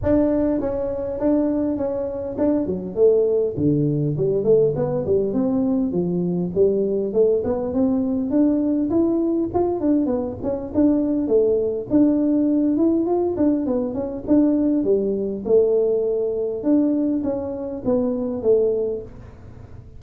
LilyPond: \new Staff \with { instrumentName = "tuba" } { \time 4/4 \tempo 4 = 101 d'4 cis'4 d'4 cis'4 | d'8 fis8 a4 d4 g8 a8 | b8 g8 c'4 f4 g4 | a8 b8 c'4 d'4 e'4 |
f'8 d'8 b8 cis'8 d'4 a4 | d'4. e'8 f'8 d'8 b8 cis'8 | d'4 g4 a2 | d'4 cis'4 b4 a4 | }